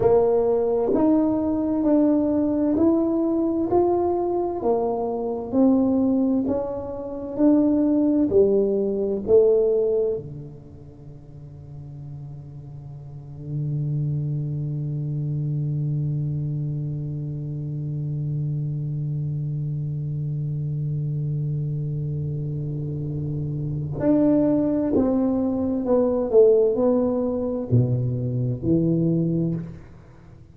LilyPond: \new Staff \with { instrumentName = "tuba" } { \time 4/4 \tempo 4 = 65 ais4 dis'4 d'4 e'4 | f'4 ais4 c'4 cis'4 | d'4 g4 a4 d4~ | d1~ |
d1~ | d1~ | d2 d'4 c'4 | b8 a8 b4 b,4 e4 | }